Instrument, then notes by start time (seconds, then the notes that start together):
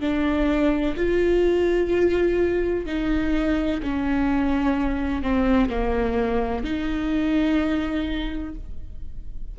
viola
0.00 D4
0.97 F4
2.85 D#4
3.82 C#4
5.23 C4
5.69 A#3
6.64 D#4